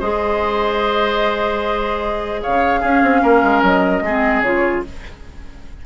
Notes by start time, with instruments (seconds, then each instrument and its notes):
0.00 bassoon G#3, clarinet G#4, oboe C5, flute D#5
2.42 bassoon C#3, oboe C#5, flute F5
2.81 bassoon C#4, clarinet C#4, oboe G#4
3.03 bassoon C4
3.23 bassoon A#3, oboe A#4
3.43 bassoon G#3
3.63 bassoon F#3, flute D#5
4.02 bassoon G#3, clarinet C4, oboe G#4
4.42 bassoon C#3, clarinet F4, flute C#5